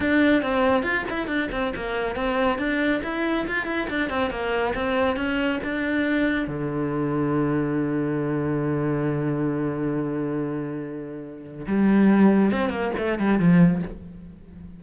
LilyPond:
\new Staff \with { instrumentName = "cello" } { \time 4/4 \tempo 4 = 139 d'4 c'4 f'8 e'8 d'8 c'8 | ais4 c'4 d'4 e'4 | f'8 e'8 d'8 c'8 ais4 c'4 | cis'4 d'2 d4~ |
d1~ | d1~ | d2. g4~ | g4 c'8 ais8 a8 g8 f4 | }